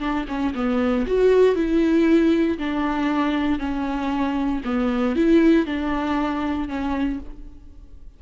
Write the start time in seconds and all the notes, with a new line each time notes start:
0.00 D4
0.28 C#4
0.55 B3
1.07 F#4
1.55 E4
2.59 D4
3.59 C#4
4.65 B3
5.16 E4
5.66 D4
6.69 C#4